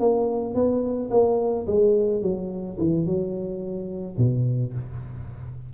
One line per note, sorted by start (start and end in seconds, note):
0.00 0.55 A#3
0.55 1.10 B3
1.11 1.66 A#3
1.67 2.22 G#3
2.22 2.78 F#3
2.79 3.06 E3
3.06 4.17 F#3
4.18 4.73 B2